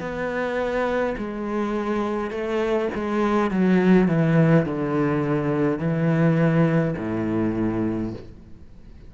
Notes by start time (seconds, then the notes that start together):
0.00 B3
1.18 G#3
2.31 A3
2.95 G#3
3.51 F#3
4.08 E3
4.66 D3
5.79 E3
6.98 A2